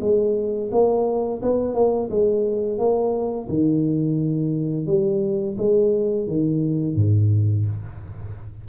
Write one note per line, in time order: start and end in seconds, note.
0.00 0.70 G#3
0.71 1.41 A#3
1.42 1.74 B3
1.74 2.09 A#3
2.10 2.78 G#3
2.78 3.48 A#3
3.49 4.86 D#3
4.86 5.56 G3
5.58 6.27 G#3
6.27 6.95 D#3
6.95 7.65 G#2